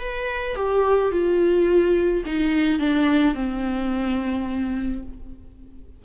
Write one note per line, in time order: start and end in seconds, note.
0.00 0.56 B4
0.56 1.12 G4
1.12 2.24 F4
2.26 2.80 D#4
2.80 3.35 D4
3.35 5.03 C4